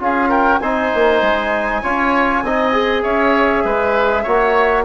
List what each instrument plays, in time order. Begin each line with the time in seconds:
0.00 bassoon C#4, trombone F4, oboe G#4, flute F5
0.29 oboe A#4, flute G5
0.59 bassoon C4, trombone D#4, oboe C5, flute G#5
0.95 bassoon A#3
1.22 bassoon G#3
1.83 bassoon C#4, trombone F4, oboe C#5
2.43 bassoon C4, trombone D#4, oboe D#5
2.73 trombone G#4
3.03 bassoon C#4, oboe C#5, flute E5
3.65 bassoon G#3, oboe B4
4.23 bassoon A#3, trombone F#4, oboe C#5